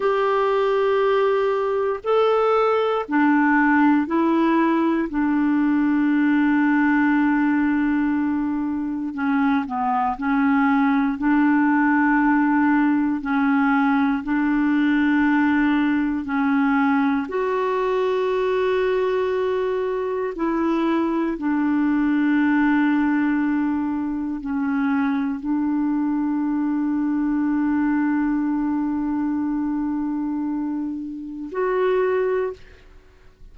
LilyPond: \new Staff \with { instrumentName = "clarinet" } { \time 4/4 \tempo 4 = 59 g'2 a'4 d'4 | e'4 d'2.~ | d'4 cis'8 b8 cis'4 d'4~ | d'4 cis'4 d'2 |
cis'4 fis'2. | e'4 d'2. | cis'4 d'2.~ | d'2. fis'4 | }